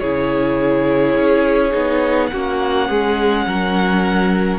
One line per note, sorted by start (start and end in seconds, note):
0.00 1.16 C#3
0.00 1.71 E4
0.00 2.31 G#4
0.00 2.27 C#5
1.16 1.73 C#4
1.71 2.31 B3
1.71 2.29 D#4
2.27 2.89 A#3
2.27 4.59 C#4
2.27 2.88 F#4
2.27 4.58 F#5
2.88 3.46 G#3
2.88 3.46 G#4
3.46 4.59 F#3
3.46 4.59 A#4